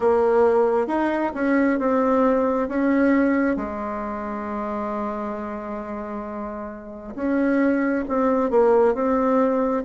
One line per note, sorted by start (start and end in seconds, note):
0.00 0.87 A#3
0.87 1.31 D#4
1.34 1.79 C#4
1.79 2.68 C4
2.68 3.56 C#4
3.56 7.14 G#3
7.15 8.04 C#4
8.08 8.50 C4
8.50 8.94 A#3
8.94 9.83 C4